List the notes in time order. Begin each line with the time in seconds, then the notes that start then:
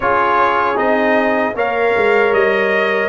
0.00 C#4 F4 G#4 C#5
0.75 C4 D#4 D#5
1.54 A#3 A#4 C#5 F5
1.96 G#3
2.31 G3 D#5